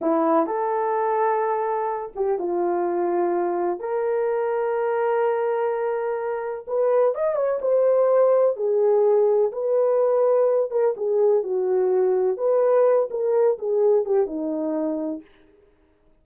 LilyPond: \new Staff \with { instrumentName = "horn" } { \time 4/4 \tempo 4 = 126 e'4 a'2.~ | a'8 g'8 f'2. | ais'1~ | ais'2 b'4 dis''8 cis''8 |
c''2 gis'2 | b'2~ b'8 ais'8 gis'4 | fis'2 b'4. ais'8~ | ais'8 gis'4 g'8 dis'2 | }